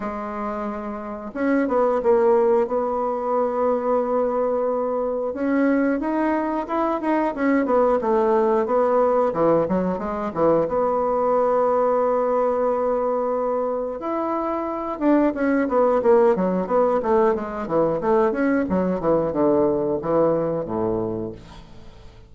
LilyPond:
\new Staff \with { instrumentName = "bassoon" } { \time 4/4 \tempo 4 = 90 gis2 cis'8 b8 ais4 | b1 | cis'4 dis'4 e'8 dis'8 cis'8 b8 | a4 b4 e8 fis8 gis8 e8 |
b1~ | b4 e'4. d'8 cis'8 b8 | ais8 fis8 b8 a8 gis8 e8 a8 cis'8 | fis8 e8 d4 e4 a,4 | }